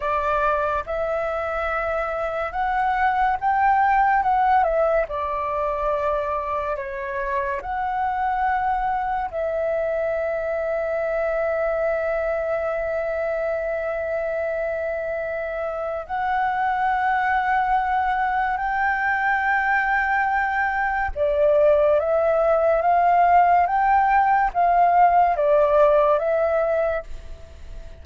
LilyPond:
\new Staff \with { instrumentName = "flute" } { \time 4/4 \tempo 4 = 71 d''4 e''2 fis''4 | g''4 fis''8 e''8 d''2 | cis''4 fis''2 e''4~ | e''1~ |
e''2. fis''4~ | fis''2 g''2~ | g''4 d''4 e''4 f''4 | g''4 f''4 d''4 e''4 | }